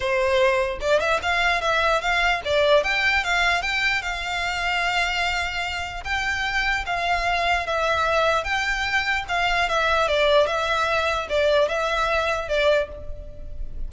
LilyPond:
\new Staff \with { instrumentName = "violin" } { \time 4/4 \tempo 4 = 149 c''2 d''8 e''8 f''4 | e''4 f''4 d''4 g''4 | f''4 g''4 f''2~ | f''2. g''4~ |
g''4 f''2 e''4~ | e''4 g''2 f''4 | e''4 d''4 e''2 | d''4 e''2 d''4 | }